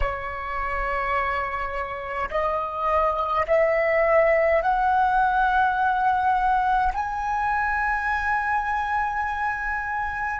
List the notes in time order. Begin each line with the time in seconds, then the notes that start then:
0.00 C#5
2.30 D#5
3.47 E5
4.62 F#5
6.93 G#5